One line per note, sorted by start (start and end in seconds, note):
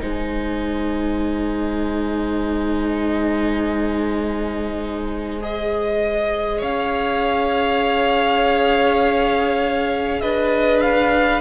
0.00 6.62 G#3
0.00 5.40 D#4
0.00 6.58 C5
0.00 5.42 G#5
5.41 11.41 G#4
5.41 6.62 D#5
6.58 10.22 C#4
6.58 10.18 C#5
6.58 10.21 F5
10.21 11.41 D4
10.21 11.41 B4
10.21 10.80 D#5
10.80 11.40 F5